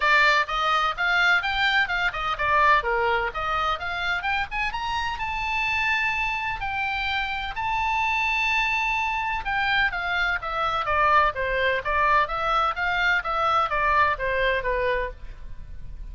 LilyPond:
\new Staff \with { instrumentName = "oboe" } { \time 4/4 \tempo 4 = 127 d''4 dis''4 f''4 g''4 | f''8 dis''8 d''4 ais'4 dis''4 | f''4 g''8 gis''8 ais''4 a''4~ | a''2 g''2 |
a''1 | g''4 f''4 e''4 d''4 | c''4 d''4 e''4 f''4 | e''4 d''4 c''4 b'4 | }